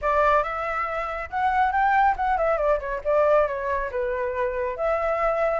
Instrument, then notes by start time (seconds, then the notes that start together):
flute
0.01 D5
0.43 E5
1.29 F#5
1.72 G5
2.16 F#5
2.37 E5
2.57 D5
2.79 C#5
3.04 D5
3.47 C#5
3.91 B4
4.77 E5